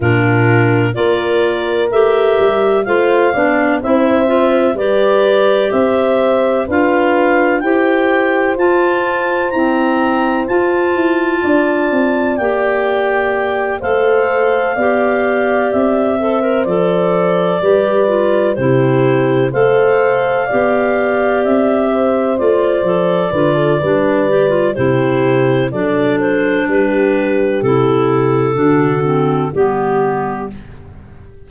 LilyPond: <<
  \new Staff \with { instrumentName = "clarinet" } { \time 4/4 \tempo 4 = 63 ais'4 d''4 e''4 f''4 | e''4 d''4 e''4 f''4 | g''4 a''4 ais''4 a''4~ | a''4 g''4. f''4.~ |
f''8 e''4 d''2 c''8~ | c''8 f''2 e''4 d''8~ | d''2 c''4 d''8 c''8 | b'4 a'2 g'4 | }
  \new Staff \with { instrumentName = "horn" } { \time 4/4 f'4 ais'2 c''8 d''8 | c''4 b'4 c''4 b'4 | c''1 | d''2~ d''8 c''4 d''8~ |
d''4 c''4. b'4 g'8~ | g'8 c''4 d''4. c''4~ | c''8 b'16 a'16 b'4 g'4 a'4 | g'2 fis'4 g'4 | }
  \new Staff \with { instrumentName = "clarinet" } { \time 4/4 d'4 f'4 g'4 f'8 d'8 | e'8 f'8 g'2 f'4 | g'4 f'4 c'4 f'4~ | f'4 g'4. a'4 g'8~ |
g'4 a'16 ais'16 a'4 g'8 f'8 e'8~ | e'8 a'4 g'2 f'8 | a'8 f'8 d'8 g'16 f'16 e'4 d'4~ | d'4 e'4 d'8 c'8 b4 | }
  \new Staff \with { instrumentName = "tuba" } { \time 4/4 ais,4 ais4 a8 g8 a8 b8 | c'4 g4 c'4 d'4 | e'4 f'4 e'4 f'8 e'8 | d'8 c'8 ais4. a4 b8~ |
b8 c'4 f4 g4 c8~ | c8 a4 b4 c'4 a8 | f8 d8 g4 c4 fis4 | g4 c4 d4 g4 | }
>>